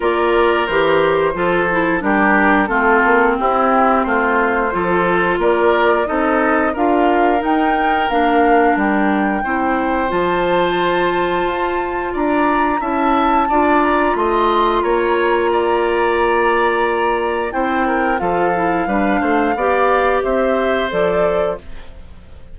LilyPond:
<<
  \new Staff \with { instrumentName = "flute" } { \time 4/4 \tempo 4 = 89 d''4 c''2 ais'4 | a'4 g'4 c''2 | d''4 dis''4 f''4 g''4 | f''4 g''2 a''4~ |
a''2 ais''4 a''4~ | a''8 ais''8 c'''4 ais''2~ | ais''2 g''4 f''4~ | f''2 e''4 d''4 | }
  \new Staff \with { instrumentName = "oboe" } { \time 4/4 ais'2 a'4 g'4 | f'4 e'4 f'4 a'4 | ais'4 a'4 ais'2~ | ais'2 c''2~ |
c''2 d''4 e''4 | d''4 dis''4 cis''4 d''4~ | d''2 c''8 ais'8 a'4 | b'8 c''8 d''4 c''2 | }
  \new Staff \with { instrumentName = "clarinet" } { \time 4/4 f'4 g'4 f'8 e'8 d'4 | c'2. f'4~ | f'4 dis'4 f'4 dis'4 | d'2 e'4 f'4~ |
f'2. e'4 | f'1~ | f'2 e'4 f'8 e'8 | d'4 g'2 a'4 | }
  \new Staff \with { instrumentName = "bassoon" } { \time 4/4 ais4 e4 f4 g4 | a8 ais8 c'4 a4 f4 | ais4 c'4 d'4 dis'4 | ais4 g4 c'4 f4~ |
f4 f'4 d'4 cis'4 | d'4 a4 ais2~ | ais2 c'4 f4 | g8 a8 b4 c'4 f4 | }
>>